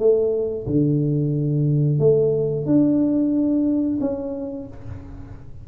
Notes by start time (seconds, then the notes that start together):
0.00 A3
0.67 D3
2.00 A3
2.66 D4
4.01 C#4